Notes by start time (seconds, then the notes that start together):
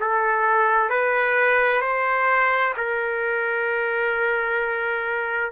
0.00 A4
0.90 B4
1.81 C5
2.77 A#4